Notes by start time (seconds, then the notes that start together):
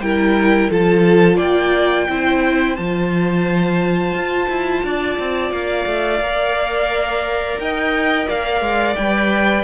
0.00 G3 E4 A#4 G5
0.71 F3 F4 A4 A5
1.36 A#3 D5 G5
2.09 C4 E4 C5
2.76 F3 F4 A5
4.14 F4
4.49 E4
4.84 D4 D5
5.19 C4
5.51 A#3 F5
5.86 A3
6.20 A#3 A#4
7.58 D#4 D#5 G5
8.28 A#3 D5 F5
8.61 G#3
8.96 G3 B4 G5